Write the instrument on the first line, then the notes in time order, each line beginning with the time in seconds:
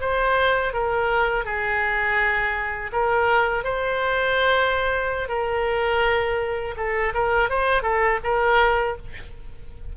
oboe
0.00 C5
0.73 A#4
1.45 G#4
2.92 A#4
3.64 C5
5.28 A#4
6.76 A4
7.14 A#4
7.49 C5
7.82 A4
8.24 A#4